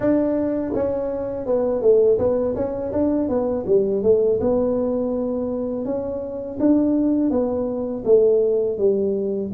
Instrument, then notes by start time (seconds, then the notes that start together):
tuba
0.00 D4
0.74 C#4
1.46 B3
1.81 A3
2.18 B3
2.55 C#4
2.92 D4
3.28 B3
3.66 G3
4.02 A3
4.40 B3
5.85 C#4
6.59 D4
7.30 B3
8.05 A3
8.77 G3